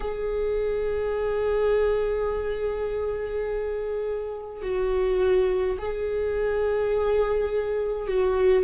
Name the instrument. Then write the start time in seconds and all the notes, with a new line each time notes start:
viola
0.00 G#4
4.62 F#4
5.78 G#4
8.07 F#4